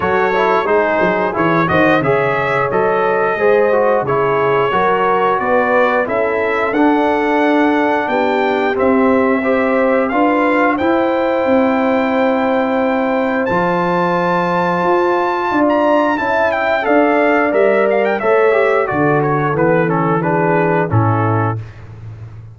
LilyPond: <<
  \new Staff \with { instrumentName = "trumpet" } { \time 4/4 \tempo 4 = 89 cis''4 c''4 cis''8 dis''8 e''4 | dis''2 cis''2 | d''4 e''4 fis''2 | g''4 e''2 f''4 |
g''1 | a''2.~ a''16 ais''8. | a''8 g''8 f''4 e''8 f''16 g''16 e''4 | d''8 cis''8 b'8 a'8 b'4 a'4 | }
  \new Staff \with { instrumentName = "horn" } { \time 4/4 a'4 gis'4. c''8 cis''4~ | cis''4 c''4 gis'4 ais'4 | b'4 a'2. | g'2 c''4 b'4 |
c''1~ | c''2. d''4 | e''4 d''2 cis''4 | a'2 gis'4 e'4 | }
  \new Staff \with { instrumentName = "trombone" } { \time 4/4 fis'8 e'8 dis'4 e'8 fis'8 gis'4 | a'4 gis'8 fis'8 e'4 fis'4~ | fis'4 e'4 d'2~ | d'4 c'4 g'4 f'4 |
e'1 | f'1 | e'4 a'4 ais'4 a'8 g'8 | fis'4 b8 cis'8 d'4 cis'4 | }
  \new Staff \with { instrumentName = "tuba" } { \time 4/4 fis4 gis8 fis8 e8 dis8 cis4 | fis4 gis4 cis4 fis4 | b4 cis'4 d'2 | b4 c'2 d'4 |
e'4 c'2. | f2 f'4 d'4 | cis'4 d'4 g4 a4 | d4 e2 a,4 | }
>>